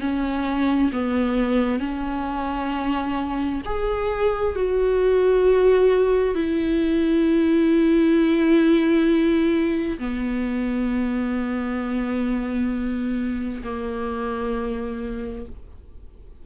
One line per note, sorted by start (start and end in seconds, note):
0.00 0.91 C#4
0.92 1.79 B3
1.79 3.61 C#4
3.65 4.55 G#4
4.55 6.34 F#4
6.34 9.98 E4
9.98 13.62 B3
13.63 15.45 A#3